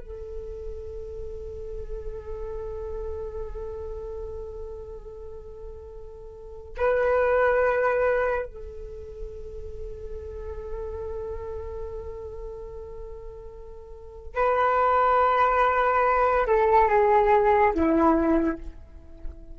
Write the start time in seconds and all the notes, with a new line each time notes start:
0.00 A4
6.78 B4
8.46 A4
14.35 B4
16.48 A4
16.89 G#4
17.75 E4